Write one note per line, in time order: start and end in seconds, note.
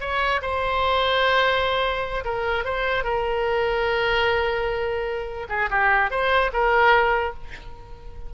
0.00 0.41 C#5
0.41 2.24 C5
2.24 2.64 A#4
2.64 3.03 C5
3.03 5.47 A#4
5.49 5.69 G#4
5.70 6.10 G4
6.10 6.51 C5
6.53 7.34 A#4